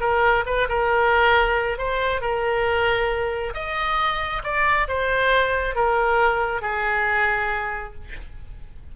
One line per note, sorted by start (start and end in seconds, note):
0.00 0.44 A#4
0.46 0.68 B4
0.69 1.78 A#4
1.78 2.21 C5
2.21 3.54 A#4
3.54 4.42 D#5
4.43 4.87 D5
4.88 5.75 C5
5.75 6.62 A#4
6.62 7.94 G#4